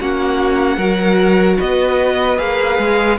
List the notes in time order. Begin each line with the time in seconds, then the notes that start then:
0.00 A#3 C#4 F#4 F#5
0.77 F#3 F#4 A#4
1.58 B3 B4 D#5
2.37 A#3 G#4 F5
2.79 G#3